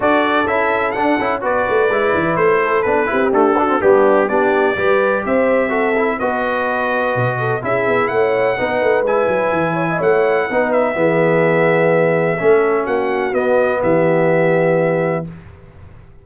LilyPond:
<<
  \new Staff \with { instrumentName = "trumpet" } { \time 4/4 \tempo 4 = 126 d''4 e''4 fis''4 d''4~ | d''4 c''4 b'4 a'4 | g'4 d''2 e''4~ | e''4 dis''2. |
e''4 fis''2 gis''4~ | gis''4 fis''4. e''4.~ | e''2. fis''4 | dis''4 e''2. | }
  \new Staff \with { instrumentName = "horn" } { \time 4/4 a'2. b'4~ | b'4. a'4 g'4 fis'8 | d'4 g'4 b'4 c''4 | a'4 b'2~ b'8 a'8 |
gis'4 cis''4 b'2~ | b'8 cis''16 dis''16 cis''4 b'4 gis'4~ | gis'2 a'4 fis'4~ | fis'4 g'2. | }
  \new Staff \with { instrumentName = "trombone" } { \time 4/4 fis'4 e'4 d'8 e'8 fis'4 | e'2 d'8 e'8 a8 d'16 c'16 | b4 d'4 g'2 | fis'8 e'8 fis'2. |
e'2 dis'4 e'4~ | e'2 dis'4 b4~ | b2 cis'2 | b1 | }
  \new Staff \with { instrumentName = "tuba" } { \time 4/4 d'4 cis'4 d'8 cis'8 b8 a8 | gis8 e8 a4 b8 c'8 d'4 | g4 b4 g4 c'4~ | c'4 b2 b,4 |
cis'8 b8 a4 b8 a8 gis8 fis8 | e4 a4 b4 e4~ | e2 a4 ais4 | b4 e2. | }
>>